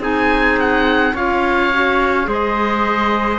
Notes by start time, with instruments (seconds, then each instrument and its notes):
0.00 cello C4, clarinet D#4, trumpet G#4, oboe G#5
0.59 oboe F#5
1.14 cello C#4, clarinet F4, trumpet C#5, oboe F5
1.73 clarinet F#4
2.25 cello G#3, clarinet G#4, trumpet C5
2.33 oboe D#5